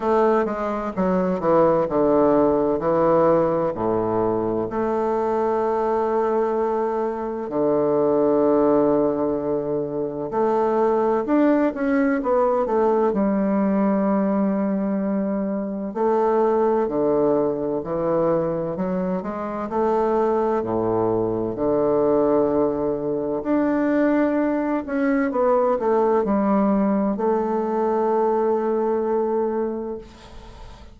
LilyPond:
\new Staff \with { instrumentName = "bassoon" } { \time 4/4 \tempo 4 = 64 a8 gis8 fis8 e8 d4 e4 | a,4 a2. | d2. a4 | d'8 cis'8 b8 a8 g2~ |
g4 a4 d4 e4 | fis8 gis8 a4 a,4 d4~ | d4 d'4. cis'8 b8 a8 | g4 a2. | }